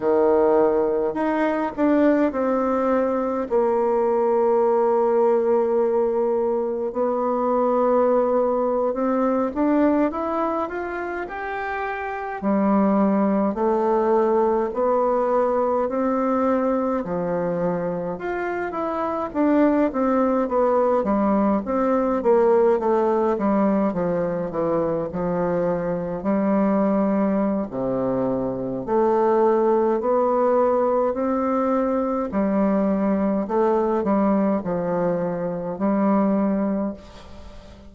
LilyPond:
\new Staff \with { instrumentName = "bassoon" } { \time 4/4 \tempo 4 = 52 dis4 dis'8 d'8 c'4 ais4~ | ais2 b4.~ b16 c'16~ | c'16 d'8 e'8 f'8 g'4 g4 a16~ | a8. b4 c'4 f4 f'16~ |
f'16 e'8 d'8 c'8 b8 g8 c'8 ais8 a16~ | a16 g8 f8 e8 f4 g4~ g16 | c4 a4 b4 c'4 | g4 a8 g8 f4 g4 | }